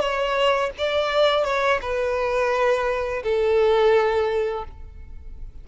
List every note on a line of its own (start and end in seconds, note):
0.00 0.71 C#5
0.78 1.44 D5
1.44 1.80 C#5
1.82 3.23 B4
3.23 4.64 A4